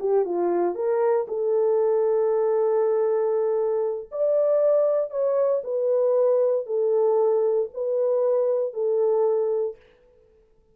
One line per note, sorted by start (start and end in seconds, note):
0.00 0.25 G4
0.25 0.75 F4
0.75 1.26 A#4
1.28 4.10 A4
4.12 5.10 D5
5.10 5.62 C#5
5.64 6.66 B4
6.66 7.69 A4
7.74 8.74 B4
8.74 9.76 A4